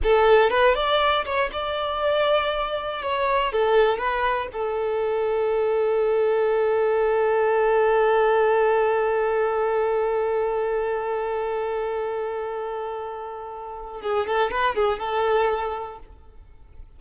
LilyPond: \new Staff \with { instrumentName = "violin" } { \time 4/4 \tempo 4 = 120 a'4 b'8 d''4 cis''8 d''4~ | d''2 cis''4 a'4 | b'4 a'2.~ | a'1~ |
a'1~ | a'1~ | a'1 | gis'8 a'8 b'8 gis'8 a'2 | }